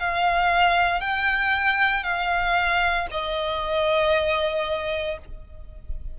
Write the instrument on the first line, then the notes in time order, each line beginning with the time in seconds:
violin
0.00 F5
1.01 G5
2.04 F5
3.11 D#5